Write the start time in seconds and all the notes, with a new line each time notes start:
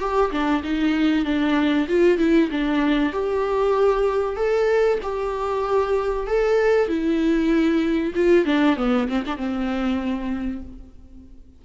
0.00 G4
0.32 D4
0.64 D#4
1.25 D4
1.88 F4
2.18 E4
2.51 D4
3.13 G4
4.36 A4
5.03 G4
6.27 A4
6.89 E4
8.15 F4
8.46 D4
8.77 B3
9.09 C4
9.26 D4
9.37 C4